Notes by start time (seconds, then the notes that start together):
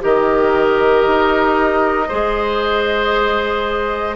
0.00 D#3 G4 A#4 D#5
1.08 D#4
2.09 G#3 G#4 C5